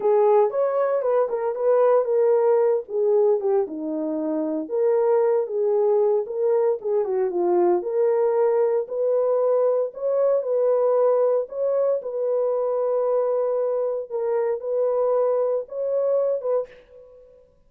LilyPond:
\new Staff \with { instrumentName = "horn" } { \time 4/4 \tempo 4 = 115 gis'4 cis''4 b'8 ais'8 b'4 | ais'4. gis'4 g'8 dis'4~ | dis'4 ais'4. gis'4. | ais'4 gis'8 fis'8 f'4 ais'4~ |
ais'4 b'2 cis''4 | b'2 cis''4 b'4~ | b'2. ais'4 | b'2 cis''4. b'8 | }